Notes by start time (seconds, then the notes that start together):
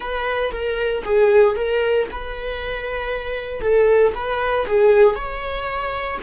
0.00 B4
0.51 A#4
1.04 G#4
1.55 A#4
2.11 B4
3.61 A4
4.14 B4
4.66 G#4
5.14 C#5